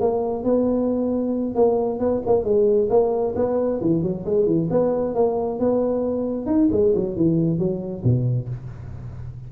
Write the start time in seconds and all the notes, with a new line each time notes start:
0.00 A#3
0.44 B3
1.55 A#3
1.99 B3
2.26 A#3
2.44 G#3
2.89 A#3
3.35 B3
3.81 E3
4.02 F#3
4.25 G#3
4.46 E3
4.70 B3
5.15 A#3
5.59 B3
6.46 D#4
6.71 G#3
6.95 F#3
7.16 E3
7.58 F#3
8.04 B2